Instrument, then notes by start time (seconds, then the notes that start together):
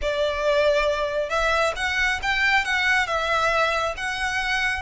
violin
0.01 D5
1.29 E5
1.76 F#5
2.22 G5
2.64 F#5
3.06 E5
3.96 F#5